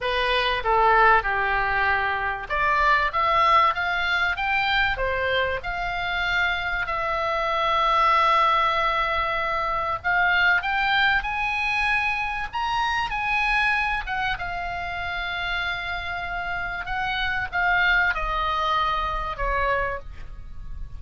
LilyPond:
\new Staff \with { instrumentName = "oboe" } { \time 4/4 \tempo 4 = 96 b'4 a'4 g'2 | d''4 e''4 f''4 g''4 | c''4 f''2 e''4~ | e''1 |
f''4 g''4 gis''2 | ais''4 gis''4. fis''8 f''4~ | f''2. fis''4 | f''4 dis''2 cis''4 | }